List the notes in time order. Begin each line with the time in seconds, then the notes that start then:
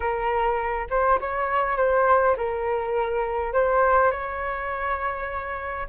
0.00 A#4
0.90 C5
1.20 C#5
1.76 C5
2.37 A#4
3.53 C5
4.11 C#5